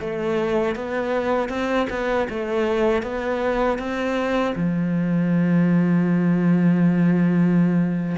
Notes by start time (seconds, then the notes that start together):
0.00 A3
0.76 B3
1.49 C4
1.90 B3
2.29 A3
3.03 B3
3.78 C4
4.55 F3